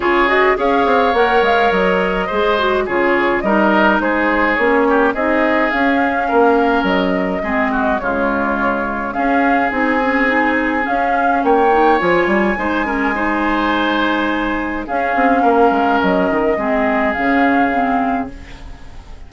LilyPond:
<<
  \new Staff \with { instrumentName = "flute" } { \time 4/4 \tempo 4 = 105 cis''8 dis''8 f''4 fis''8 f''8 dis''4~ | dis''4 cis''4 dis''4 c''4 | cis''4 dis''4 f''2 | dis''2 cis''2 |
f''4 gis''2 f''4 | g''4 gis''2.~ | gis''2 f''2 | dis''2 f''2 | }
  \new Staff \with { instrumentName = "oboe" } { \time 4/4 gis'4 cis''2. | c''4 gis'4 ais'4 gis'4~ | gis'8 g'8 gis'2 ais'4~ | ais'4 gis'8 fis'8 f'2 |
gis'1 | cis''2 c''8 ais'8 c''4~ | c''2 gis'4 ais'4~ | ais'4 gis'2. | }
  \new Staff \with { instrumentName = "clarinet" } { \time 4/4 f'8 fis'8 gis'4 ais'2 | gis'8 fis'8 f'4 dis'2 | cis'4 dis'4 cis'2~ | cis'4 c'4 gis2 |
cis'4 dis'8 cis'8 dis'4 cis'4~ | cis'8 dis'8 f'4 dis'8 cis'8 dis'4~ | dis'2 cis'2~ | cis'4 c'4 cis'4 c'4 | }
  \new Staff \with { instrumentName = "bassoon" } { \time 4/4 cis4 cis'8 c'8 ais8 gis8 fis4 | gis4 cis4 g4 gis4 | ais4 c'4 cis'4 ais4 | fis4 gis4 cis2 |
cis'4 c'2 cis'4 | ais4 f8 g8 gis2~ | gis2 cis'8 c'8 ais8 gis8 | fis8 dis8 gis4 cis2 | }
>>